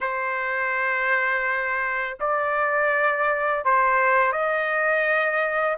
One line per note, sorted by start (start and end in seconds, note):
0.00 2.17 C5
2.20 3.64 D5
3.64 4.32 C5
4.32 5.77 D#5